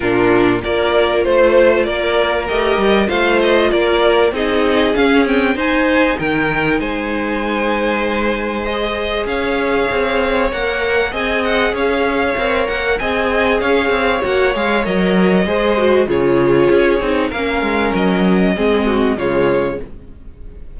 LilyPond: <<
  \new Staff \with { instrumentName = "violin" } { \time 4/4 \tempo 4 = 97 ais'4 d''4 c''4 d''4 | dis''4 f''8 dis''8 d''4 dis''4 | f''8 g''8 gis''4 g''4 gis''4~ | gis''2 dis''4 f''4~ |
f''4 fis''4 gis''8 fis''8 f''4~ | f''8 fis''8 gis''4 f''4 fis''8 f''8 | dis''2 cis''2 | f''4 dis''2 cis''4 | }
  \new Staff \with { instrumentName = "violin" } { \time 4/4 f'4 ais'4 c''4 ais'4~ | ais'4 c''4 ais'4 gis'4~ | gis'4 c''4 ais'4 c''4~ | c''2. cis''4~ |
cis''2 dis''4 cis''4~ | cis''4 dis''4 cis''2~ | cis''4 c''4 gis'2 | ais'2 gis'8 fis'8 f'4 | }
  \new Staff \with { instrumentName = "viola" } { \time 4/4 d'4 f'2. | g'4 f'2 dis'4 | cis'8 c'8 dis'2.~ | dis'2 gis'2~ |
gis'4 ais'4 gis'2 | ais'4 gis'2 fis'8 gis'8 | ais'4 gis'8 fis'8 f'4. dis'8 | cis'2 c'4 gis4 | }
  \new Staff \with { instrumentName = "cello" } { \time 4/4 ais,4 ais4 a4 ais4 | a8 g8 a4 ais4 c'4 | cis'4 dis'4 dis4 gis4~ | gis2. cis'4 |
c'4 ais4 c'4 cis'4 | c'8 ais8 c'4 cis'8 c'8 ais8 gis8 | fis4 gis4 cis4 cis'8 c'8 | ais8 gis8 fis4 gis4 cis4 | }
>>